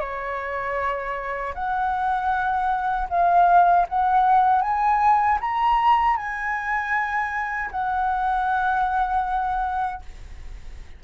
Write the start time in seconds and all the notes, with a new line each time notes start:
0.00 C#5
1.55 F#5
3.10 F5
3.89 F#5
4.62 G#5
5.41 A#5
6.17 G#5
7.71 F#5